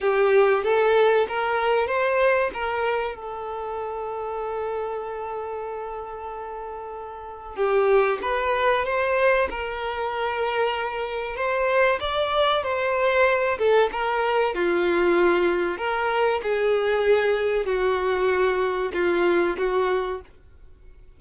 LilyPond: \new Staff \with { instrumentName = "violin" } { \time 4/4 \tempo 4 = 95 g'4 a'4 ais'4 c''4 | ais'4 a'2.~ | a'1 | g'4 b'4 c''4 ais'4~ |
ais'2 c''4 d''4 | c''4. a'8 ais'4 f'4~ | f'4 ais'4 gis'2 | fis'2 f'4 fis'4 | }